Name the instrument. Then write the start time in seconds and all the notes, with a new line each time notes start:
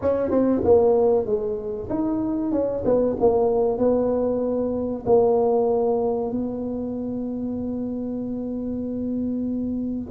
tuba
0.01 C#4
0.30 C4
0.63 A#3
1.26 G#3
1.89 D#4
2.51 C#4
2.84 B3
3.20 A#3
3.78 B3
5.06 A#3
6.31 B3